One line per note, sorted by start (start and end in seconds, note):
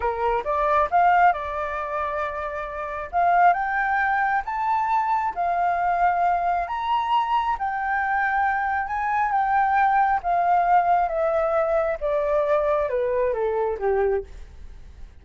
0.00 0.43 A#4
0.44 0.88 D5
0.91 1.32 F5
1.32 3.10 D5
3.12 3.53 F5
3.53 4.42 G5
4.45 5.34 A5
5.34 6.67 F5
6.67 7.56 A#5
7.58 8.87 G5
8.87 9.31 G#5
9.31 10.20 G5
10.22 11.08 F5
11.08 11.97 E5
12.00 12.89 D5
12.89 13.33 B4
13.33 13.78 A4
13.79 14.23 G4